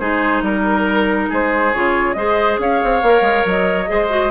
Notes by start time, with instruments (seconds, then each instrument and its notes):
0.00 bassoon G#3, clarinet D#4, oboe G#4, flute C5
0.42 bassoon G3, oboe A#4, flute A#4
1.29 bassoon G#3, oboe G#4, flute C5
1.74 bassoon C#3, clarinet F4, flute C#5
2.13 bassoon G#3, clarinet G#4, oboe C5, flute D#5
2.59 bassoon C#4, oboe C#5, flute F5
2.84 bassoon C4
3.02 bassoon A#3, clarinet A#4
3.22 bassoon G#3
3.46 bassoon F#3, flute D#5
3.87 bassoon G#3, clarinet G#4, oboe C5
4.09 clarinet F#4